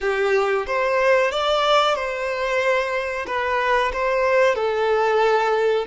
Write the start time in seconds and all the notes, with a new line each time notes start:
0.01 G4
0.66 C5
1.31 D5
1.95 C5
3.26 B4
3.92 C5
4.55 A4